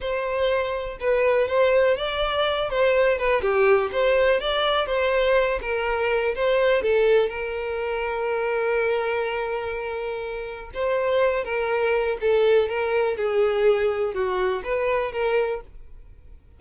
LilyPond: \new Staff \with { instrumentName = "violin" } { \time 4/4 \tempo 4 = 123 c''2 b'4 c''4 | d''4. c''4 b'8 g'4 | c''4 d''4 c''4. ais'8~ | ais'4 c''4 a'4 ais'4~ |
ais'1~ | ais'2 c''4. ais'8~ | ais'4 a'4 ais'4 gis'4~ | gis'4 fis'4 b'4 ais'4 | }